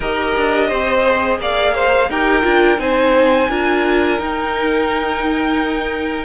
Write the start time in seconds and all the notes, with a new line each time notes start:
0.00 D#4 G4 A#4 D#5
0.36 D4
0.68 C4 C5
1.05 G#4
1.39 A#3 D5 F5
1.74 C5
2.09 D#4 G4 A#4 G5
2.42 D4 F4
2.78 C4 D#4 C5 G#5
3.48 D4 F4 A#4
4.19 D#4 G5